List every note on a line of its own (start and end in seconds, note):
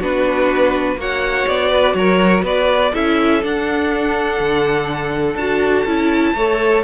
0.00 0.97 B3
0.00 0.97 D4
0.00 0.98 F#4
0.00 1.01 B4
0.97 1.46 A#3
0.97 2.92 F#4
0.97 1.71 C#5
0.97 1.49 F#5
1.49 1.95 B3
1.49 1.95 D5
1.71 1.95 B4
1.95 2.44 F#3
1.95 2.44 A#4
1.95 2.43 C#5
2.44 2.92 B3
2.44 2.93 B4
2.44 2.95 D5
2.94 3.44 C#4
2.94 3.42 E4
2.94 6.35 A4
2.94 3.44 E5
3.42 5.37 D4
3.42 4.40 D4
3.42 5.37 F#5
4.40 5.36 D3
5.36 5.84 D4
5.36 5.87 F#4
5.36 6.84 A5
5.85 6.34 C#4
5.85 6.36 E4
6.35 6.83 A3
6.35 6.84 A4
6.35 6.84 C#5